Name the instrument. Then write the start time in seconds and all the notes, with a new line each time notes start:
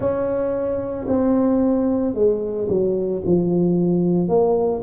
tuba
0.00 C#4
1.07 C4
2.14 G#3
2.68 F#3
3.25 F3
4.28 A#3